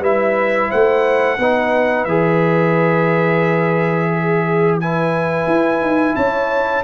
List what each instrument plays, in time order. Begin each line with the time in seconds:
0.00 tuba G3, trombone E4, horn B4, trumpet E5
0.70 tuba A3, horn C5, trumpet F#5
1.38 tuba B3, trombone D#4, horn B4
2.05 tuba E3, trombone G#4, trumpet E5
4.12 horn G#4
4.80 trombone E4, horn B4, trumpet G#5
5.47 tuba E4
5.80 tuba D#4
6.16 tuba C#4, horn C#5, trumpet A5